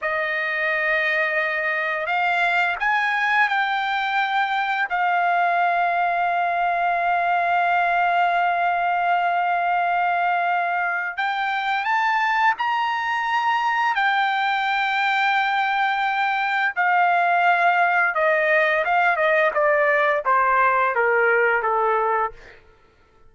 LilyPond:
\new Staff \with { instrumentName = "trumpet" } { \time 4/4 \tempo 4 = 86 dis''2. f''4 | gis''4 g''2 f''4~ | f''1~ | f''1 |
g''4 a''4 ais''2 | g''1 | f''2 dis''4 f''8 dis''8 | d''4 c''4 ais'4 a'4 | }